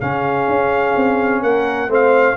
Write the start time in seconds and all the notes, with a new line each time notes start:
0.00 C#3 C#4 G#4 F5
0.47 C#4
0.95 C4
1.42 A#3 A#4 F#5
1.88 A3 C4 C5 F5